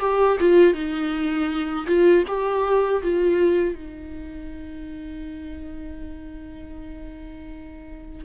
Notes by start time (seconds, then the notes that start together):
0.00 G4
0.40 F4
0.74 D#4
1.86 F4
2.27 G4
3.03 F4
3.75 D#4